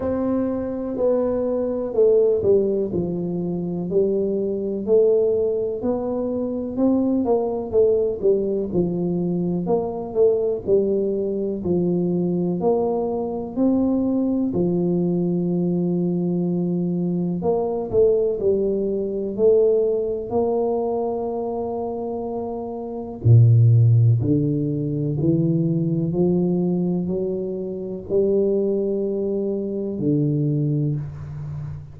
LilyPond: \new Staff \with { instrumentName = "tuba" } { \time 4/4 \tempo 4 = 62 c'4 b4 a8 g8 f4 | g4 a4 b4 c'8 ais8 | a8 g8 f4 ais8 a8 g4 | f4 ais4 c'4 f4~ |
f2 ais8 a8 g4 | a4 ais2. | ais,4 d4 e4 f4 | fis4 g2 d4 | }